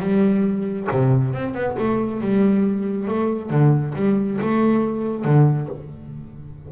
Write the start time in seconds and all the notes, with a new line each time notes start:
0.00 G3
0.91 C3
1.33 C4
1.54 B3
1.79 A3
2.21 G3
3.08 A3
3.50 D3
3.96 G3
4.41 A3
5.25 D3